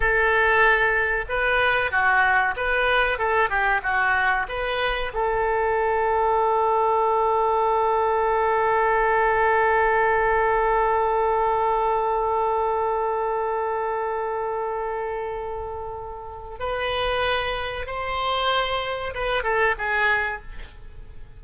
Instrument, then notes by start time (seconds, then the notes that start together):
oboe
0.00 A4
1.28 B4
1.91 F#4
2.56 B4
3.18 A4
3.49 G4
3.83 F#4
4.48 B4
5.13 A4
16.59 B4
17.86 C5
19.14 B4
19.43 A4
19.78 G#4